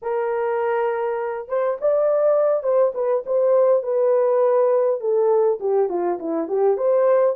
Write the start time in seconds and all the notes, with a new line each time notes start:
0.02 A#4
1.48 C5
1.80 D5
2.63 C5
2.94 B4
3.26 C5
3.83 B4
5.00 A4
5.59 G4
5.89 F4
6.19 E4
6.48 G4
6.77 C5